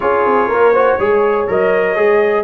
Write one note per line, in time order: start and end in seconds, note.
0.00 0.25 C#4
0.00 0.73 F4
0.00 0.48 G#4
0.00 1.48 C#5
0.26 0.48 C4
0.48 0.97 A#3
0.48 0.72 A#4
0.72 0.99 F#4
0.72 0.97 C5
0.97 1.47 G#3
0.97 1.47 G#4
0.97 2.43 C#5
1.47 1.97 F#3
1.47 1.95 A#4
1.47 2.43 D#5
1.95 2.43 G#3
1.95 2.43 G#4